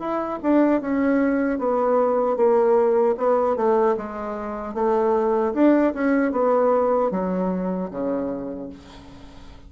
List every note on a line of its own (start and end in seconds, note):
0.00 0.39 E4
0.43 0.81 D4
0.81 1.59 C#4
1.59 2.37 B3
2.37 3.16 A#3
3.18 3.57 B3
3.57 3.96 A3
3.98 4.75 G#3
4.75 5.54 A3
5.54 5.94 D4
5.94 6.32 C#4
6.32 7.11 B3
7.12 7.91 F#3
7.91 8.70 C#3